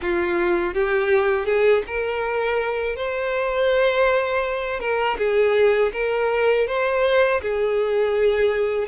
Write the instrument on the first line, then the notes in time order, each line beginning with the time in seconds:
violin
0.01 F4
0.73 G4
1.45 G#4
1.86 A#4
2.96 C5
4.80 A#4
5.18 G#4
5.93 A#4
6.67 C5
7.41 G#4